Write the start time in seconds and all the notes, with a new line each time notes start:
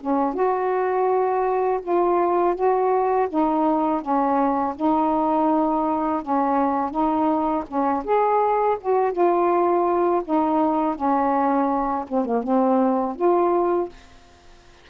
0.00 C#4
0.34 F#4
1.82 F4
2.55 F#4
3.29 D#4
4.01 C#4
4.76 D#4
6.22 C#4
6.90 D#4
7.67 C#4
8.04 G#4
8.80 F#4
9.12 F4
10.24 D#4
10.95 C#4
12.08 C4
12.25 A#3
12.43 C4
13.15 F4